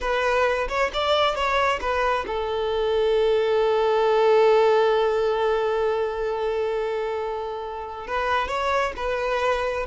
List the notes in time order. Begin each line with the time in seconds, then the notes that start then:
0.01 B4
0.68 C#5
0.93 D5
1.35 C#5
1.80 B4
2.27 A4
8.07 B4
8.48 C#5
8.96 B4